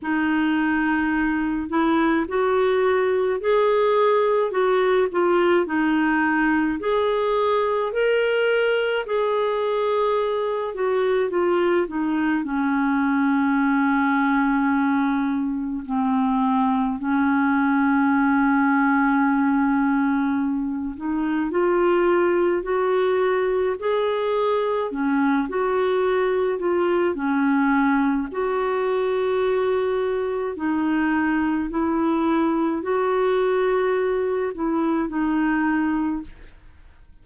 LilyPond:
\new Staff \with { instrumentName = "clarinet" } { \time 4/4 \tempo 4 = 53 dis'4. e'8 fis'4 gis'4 | fis'8 f'8 dis'4 gis'4 ais'4 | gis'4. fis'8 f'8 dis'8 cis'4~ | cis'2 c'4 cis'4~ |
cis'2~ cis'8 dis'8 f'4 | fis'4 gis'4 cis'8 fis'4 f'8 | cis'4 fis'2 dis'4 | e'4 fis'4. e'8 dis'4 | }